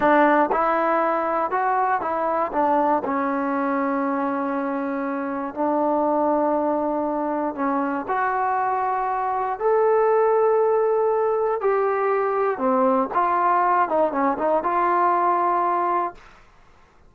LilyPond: \new Staff \with { instrumentName = "trombone" } { \time 4/4 \tempo 4 = 119 d'4 e'2 fis'4 | e'4 d'4 cis'2~ | cis'2. d'4~ | d'2. cis'4 |
fis'2. a'4~ | a'2. g'4~ | g'4 c'4 f'4. dis'8 | cis'8 dis'8 f'2. | }